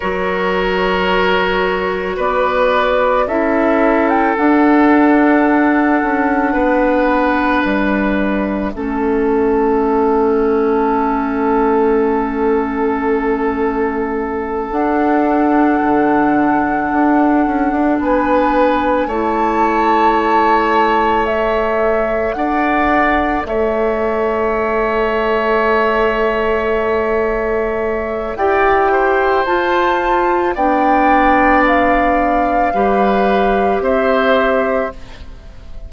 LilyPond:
<<
  \new Staff \with { instrumentName = "flute" } { \time 4/4 \tempo 4 = 55 cis''2 d''4 e''8. g''16 | fis''2. e''4~ | e''1~ | e''4. fis''2~ fis''8~ |
fis''8 gis''4 a''2 e''8~ | e''8 fis''4 e''2~ e''8~ | e''2 g''4 a''4 | g''4 f''2 e''4 | }
  \new Staff \with { instrumentName = "oboe" } { \time 4/4 ais'2 b'4 a'4~ | a'2 b'2 | a'1~ | a'1~ |
a'8 b'4 cis''2~ cis''8~ | cis''8 d''4 cis''2~ cis''8~ | cis''2 d''8 c''4. | d''2 b'4 c''4 | }
  \new Staff \with { instrumentName = "clarinet" } { \time 4/4 fis'2. e'4 | d'1 | cis'1~ | cis'4. d'2~ d'8~ |
d'4. e'2 a'8~ | a'1~ | a'2 g'4 f'4 | d'2 g'2 | }
  \new Staff \with { instrumentName = "bassoon" } { \time 4/4 fis2 b4 cis'4 | d'4. cis'8 b4 g4 | a1~ | a4. d'4 d4 d'8 |
cis'16 d'16 b4 a2~ a8~ | a8 d'4 a2~ a8~ | a2 e'4 f'4 | b2 g4 c'4 | }
>>